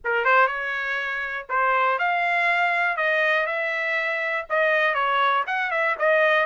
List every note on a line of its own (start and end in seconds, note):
0.04 0.25 A#4
0.25 0.47 C5
0.47 1.46 C#5
1.49 1.98 C5
1.98 2.96 F5
2.96 3.46 D#5
3.46 4.45 E5
4.49 4.94 D#5
4.94 5.44 C#5
5.46 5.70 F#5
5.70 5.95 E5
5.98 6.46 D#5